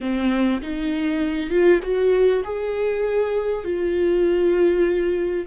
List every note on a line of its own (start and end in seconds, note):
0.00 0.61 C4
0.61 1.50 D#4
1.50 1.80 F4
1.82 2.43 F#4
2.44 3.64 G#4
3.64 5.46 F4